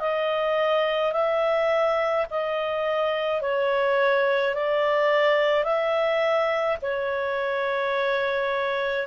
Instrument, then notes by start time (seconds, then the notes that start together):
clarinet
0.00 D#5
1.13 E5
2.31 D#5
3.42 C#5
4.55 D5
5.64 E5
6.82 C#5